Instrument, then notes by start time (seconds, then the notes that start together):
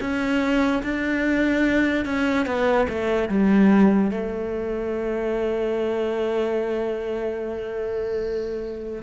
cello
0.00 C#4
0.83 D4
2.05 C#4
2.46 B3
2.88 A3
3.29 G3
4.11 A3